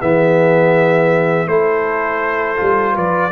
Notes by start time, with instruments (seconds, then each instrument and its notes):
0.00 tuba E3, trombone B3, horn G#4, trumpet E5
1.47 tuba A3, trombone E4, horn A4, trumpet C5
2.56 tuba G3, trombone F4
2.93 tuba F3, horn B4, trumpet D5